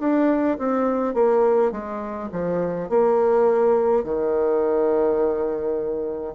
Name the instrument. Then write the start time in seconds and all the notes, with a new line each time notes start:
bassoon
0.00 D4
0.59 C4
1.14 A#3
1.72 G#3
2.33 F3
2.90 A#3
4.04 D#3